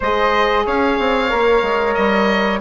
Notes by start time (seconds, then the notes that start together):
0.00 G#3 G#4 C5 D#5
0.65 C#4 C#5 F5
0.99 C4
1.29 A#3 A#4
1.62 G#3
1.94 G3 D#5